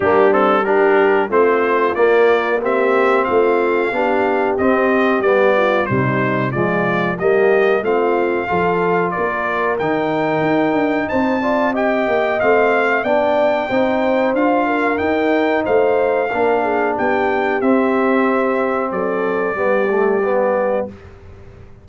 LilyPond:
<<
  \new Staff \with { instrumentName = "trumpet" } { \time 4/4 \tempo 4 = 92 g'8 a'8 ais'4 c''4 d''4 | e''4 f''2 dis''4 | d''4 c''4 d''4 dis''4 | f''2 d''4 g''4~ |
g''4 a''4 g''4 f''4 | g''2 f''4 g''4 | f''2 g''4 e''4~ | e''4 d''2. | }
  \new Staff \with { instrumentName = "horn" } { \time 4/4 d'4 g'4 f'2 | g'4 f'4 g'2~ | g'8 f'8 dis'4 f'4 g'4 | f'4 a'4 ais'2~ |
ais'4 c''8 d''8 dis''4.~ dis''16 e''16 | d''4 c''4. ais'4. | c''4 ais'8 gis'8 g'2~ | g'4 a'4 g'2 | }
  \new Staff \with { instrumentName = "trombone" } { \time 4/4 ais8 c'8 d'4 c'4 ais4 | c'2 d'4 c'4 | b4 g4 gis4 ais4 | c'4 f'2 dis'4~ |
dis'4. f'8 g'4 c'4 | d'4 dis'4 f'4 dis'4~ | dis'4 d'2 c'4~ | c'2 b8 a8 b4 | }
  \new Staff \with { instrumentName = "tuba" } { \time 4/4 g2 a4 ais4~ | ais4 a4 b4 c'4 | g4 c4 f4 g4 | a4 f4 ais4 dis4 |
dis'8 d'8 c'4. ais8 a4 | b4 c'4 d'4 dis'4 | a4 ais4 b4 c'4~ | c'4 fis4 g2 | }
>>